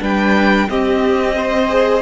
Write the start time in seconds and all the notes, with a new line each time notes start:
0.00 G3 D4 B4 G5
0.68 C4 G4 D#5
1.37 C5
1.68 G#4